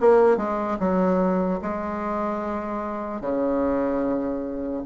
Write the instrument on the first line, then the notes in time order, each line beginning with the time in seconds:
bassoon
0.00 A#3
0.37 G#3
0.79 F#3
1.61 G#3
3.21 C#3